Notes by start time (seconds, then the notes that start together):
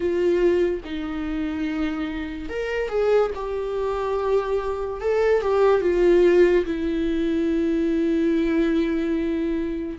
0.00 F4
0.84 D#4
2.48 A#4
2.89 G#4
3.34 G4
5.00 A4
5.41 G4
5.81 F4
6.65 E4